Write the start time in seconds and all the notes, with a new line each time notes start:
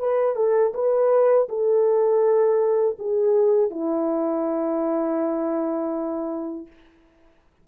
0.00 B4
0.36 A4
0.74 B4
1.49 A4
2.99 G#4
3.71 E4